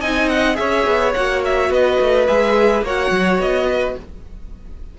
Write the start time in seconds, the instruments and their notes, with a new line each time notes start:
0.00 cello C4, viola D#4, violin D#5 G#5
0.28 violin F#5
0.54 cello C#4, viola G#4, violin C#5 E5
0.86 cello B3
1.13 cello A#3, viola F#4, violin F#5
1.44 violin E5
1.69 cello B3, violin B4 D#5
2.00 cello A3
2.27 cello G#3, viola G#4, violin E5
2.82 cello A#3, viola F#4, violin C#5 F#5
3.10 cello F#3
3.38 cello B3, violin D#5
3.66 violin B4